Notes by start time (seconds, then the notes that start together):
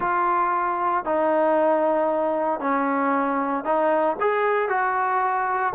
0.00 F4
1.04 D#4
2.59 C#4
3.64 D#4
4.20 G#4
4.69 F#4